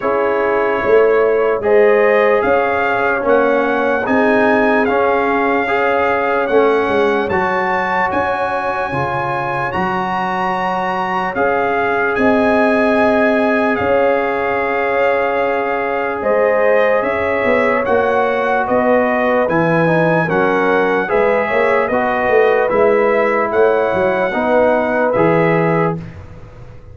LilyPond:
<<
  \new Staff \with { instrumentName = "trumpet" } { \time 4/4 \tempo 4 = 74 cis''2 dis''4 f''4 | fis''4 gis''4 f''2 | fis''4 a''4 gis''2 | ais''2 f''4 gis''4~ |
gis''4 f''2. | dis''4 e''4 fis''4 dis''4 | gis''4 fis''4 e''4 dis''4 | e''4 fis''2 e''4 | }
  \new Staff \with { instrumentName = "horn" } { \time 4/4 gis'4 cis''4 c''4 cis''4~ | cis''4 gis'2 cis''4~ | cis''1~ | cis''2. dis''4~ |
dis''4 cis''2. | c''4 cis''2 b'4~ | b'4 ais'4 b'8 cis''8 b'4~ | b'4 cis''4 b'2 | }
  \new Staff \with { instrumentName = "trombone" } { \time 4/4 e'2 gis'2 | cis'4 dis'4 cis'4 gis'4 | cis'4 fis'2 f'4 | fis'2 gis'2~ |
gis'1~ | gis'2 fis'2 | e'8 dis'8 cis'4 gis'4 fis'4 | e'2 dis'4 gis'4 | }
  \new Staff \with { instrumentName = "tuba" } { \time 4/4 cis'4 a4 gis4 cis'4 | ais4 c'4 cis'2 | a8 gis8 fis4 cis'4 cis4 | fis2 cis'4 c'4~ |
c'4 cis'2. | gis4 cis'8 b8 ais4 b4 | e4 fis4 gis8 ais8 b8 a8 | gis4 a8 fis8 b4 e4 | }
>>